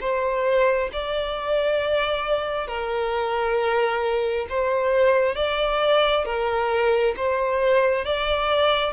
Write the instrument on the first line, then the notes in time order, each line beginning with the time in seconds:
violin
0.00 C5
0.92 D5
2.67 A#4
4.49 C5
5.35 D5
6.25 A#4
7.16 C5
8.04 D5